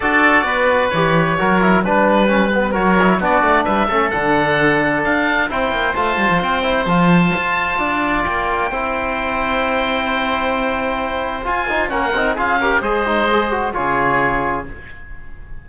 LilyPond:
<<
  \new Staff \with { instrumentName = "oboe" } { \time 4/4 \tempo 4 = 131 d''2 cis''2 | b'2 cis''4 d''4 | e''4 fis''2 f''4 | g''4 a''4 g''4 a''4~ |
a''2 g''2~ | g''1~ | g''4 gis''4 fis''4 f''4 | dis''2 cis''2 | }
  \new Staff \with { instrumentName = "oboe" } { \time 4/4 a'4 b'2 ais'4 | b'2 ais'4 fis'4 | b'8 a'2.~ a'8 | c''1~ |
c''4 d''2 c''4~ | c''1~ | c''2 ais'4 gis'8 ais'8 | c''2 gis'2 | }
  \new Staff \with { instrumentName = "trombone" } { \time 4/4 fis'2 g'4 fis'8 e'8 | d'4 cis'8 b8 fis'8 e'8 d'4~ | d'8 cis'8 d'2. | e'4 f'4. e'8 f'4~ |
f'2. e'4~ | e'1~ | e'4 f'8 dis'8 cis'8 dis'8 f'8 g'8 | gis'8 dis'8 gis'8 fis'8 f'2 | }
  \new Staff \with { instrumentName = "cello" } { \time 4/4 d'4 b4 e4 fis4 | g2 fis4 b8 a8 | g8 a8 d2 d'4 | c'8 ais8 a8 g16 f16 c'4 f4 |
f'4 d'4 ais4 c'4~ | c'1~ | c'4 f'4 ais8 c'8 cis'4 | gis2 cis2 | }
>>